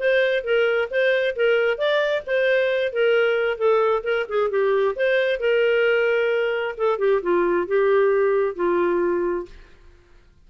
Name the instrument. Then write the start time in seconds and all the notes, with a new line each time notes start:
clarinet
0.00 C5
0.44 A#4
0.91 C5
1.36 A#4
1.78 D5
2.27 C5
2.93 A#4
3.58 A4
4.04 A#4
4.29 G#4
4.50 G4
4.96 C5
5.40 A#4
6.78 A4
6.99 G4
7.22 F4
7.68 G4
8.56 F4